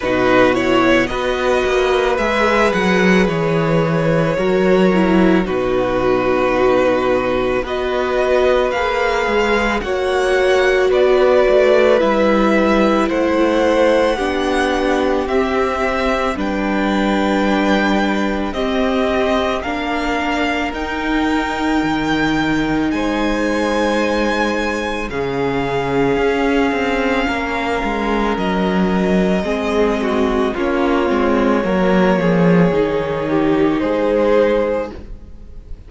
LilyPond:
<<
  \new Staff \with { instrumentName = "violin" } { \time 4/4 \tempo 4 = 55 b'8 cis''8 dis''4 e''8 fis''8 cis''4~ | cis''4 b'2 dis''4 | f''4 fis''4 d''4 e''4 | fis''2 e''4 g''4~ |
g''4 dis''4 f''4 g''4~ | g''4 gis''2 f''4~ | f''2 dis''2 | cis''2. c''4 | }
  \new Staff \with { instrumentName = "violin" } { \time 4/4 fis'4 b'2. | ais'4 fis'2 b'4~ | b'4 cis''4 b'2 | c''4 g'2 b'4~ |
b'4 g'4 ais'2~ | ais'4 c''2 gis'4~ | gis'4 ais'2 gis'8 fis'8 | f'4 ais'8 gis'4 g'8 gis'4 | }
  \new Staff \with { instrumentName = "viola" } { \time 4/4 dis'8 e'8 fis'4 gis'2 | fis'8 e'8 dis'2 fis'4 | gis'4 fis'2 e'4~ | e'4 d'4 c'4 d'4~ |
d'4 c'4 d'4 dis'4~ | dis'2. cis'4~ | cis'2. c'4 | cis'8 c'8 ais4 dis'2 | }
  \new Staff \with { instrumentName = "cello" } { \time 4/4 b,4 b8 ais8 gis8 fis8 e4 | fis4 b,2 b4 | ais8 gis8 ais4 b8 a8 g4 | a4 b4 c'4 g4~ |
g4 c'4 ais4 dis'4 | dis4 gis2 cis4 | cis'8 c'8 ais8 gis8 fis4 gis4 | ais8 gis8 fis8 f8 dis4 gis4 | }
>>